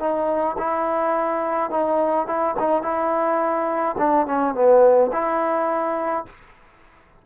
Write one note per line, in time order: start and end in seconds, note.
0.00 0.57 D#4
0.58 1.71 E4
1.71 2.27 D#4
2.27 2.55 E4
2.59 2.83 D#4
2.83 3.96 E4
3.98 4.27 D4
4.27 4.55 C#4
4.55 5.11 B3
5.13 6.26 E4